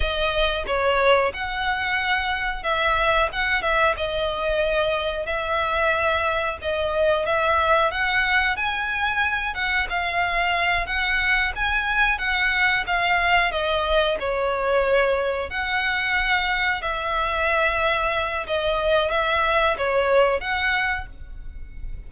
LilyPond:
\new Staff \with { instrumentName = "violin" } { \time 4/4 \tempo 4 = 91 dis''4 cis''4 fis''2 | e''4 fis''8 e''8 dis''2 | e''2 dis''4 e''4 | fis''4 gis''4. fis''8 f''4~ |
f''8 fis''4 gis''4 fis''4 f''8~ | f''8 dis''4 cis''2 fis''8~ | fis''4. e''2~ e''8 | dis''4 e''4 cis''4 fis''4 | }